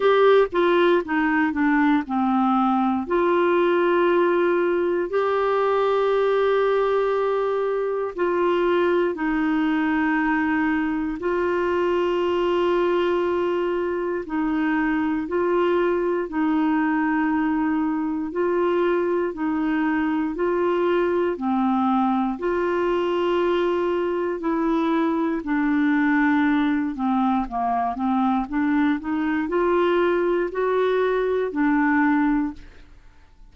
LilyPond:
\new Staff \with { instrumentName = "clarinet" } { \time 4/4 \tempo 4 = 59 g'8 f'8 dis'8 d'8 c'4 f'4~ | f'4 g'2. | f'4 dis'2 f'4~ | f'2 dis'4 f'4 |
dis'2 f'4 dis'4 | f'4 c'4 f'2 | e'4 d'4. c'8 ais8 c'8 | d'8 dis'8 f'4 fis'4 d'4 | }